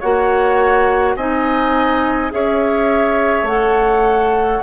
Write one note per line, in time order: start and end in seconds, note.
0.00 1.16 A#3
0.00 1.18 F#4
0.00 1.15 C#5
0.00 1.16 F#5
1.16 2.32 C4
1.16 2.31 D#4
1.16 2.32 D#5
1.16 2.32 G#5
2.31 3.43 C#4
2.31 3.46 G#4
2.31 4.63 C#5
2.31 3.48 E5
3.43 4.59 A3
3.43 4.63 A4
3.43 4.63 F#5